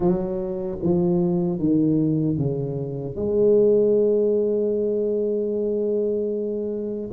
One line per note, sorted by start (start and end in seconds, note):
0.00 0.78 F#3
0.82 1.59 F3
1.59 2.37 D#3
2.37 3.15 C#3
3.15 7.10 G#3